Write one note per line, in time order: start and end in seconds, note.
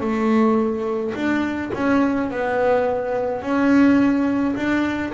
0.00 1.13 A3
1.14 1.71 D4
1.73 2.30 C#4
2.30 3.42 B3
3.42 4.55 C#4
4.55 5.12 D4